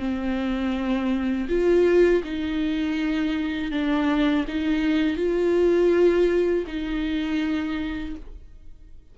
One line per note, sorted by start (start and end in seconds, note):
0.00 1.48 C4
1.49 2.23 F4
2.24 3.72 D#4
3.72 4.46 D4
4.48 5.17 D#4
5.17 6.65 F4
6.68 8.16 D#4